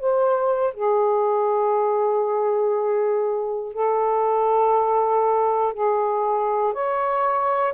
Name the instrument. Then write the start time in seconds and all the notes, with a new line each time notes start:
saxophone
0.00 C5
0.74 G#4
3.74 A4
5.74 G#4
6.73 C#5